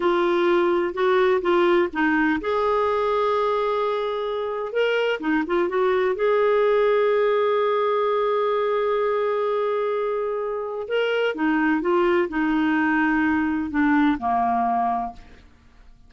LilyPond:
\new Staff \with { instrumentName = "clarinet" } { \time 4/4 \tempo 4 = 127 f'2 fis'4 f'4 | dis'4 gis'2.~ | gis'2 ais'4 dis'8 f'8 | fis'4 gis'2.~ |
gis'1~ | gis'2. ais'4 | dis'4 f'4 dis'2~ | dis'4 d'4 ais2 | }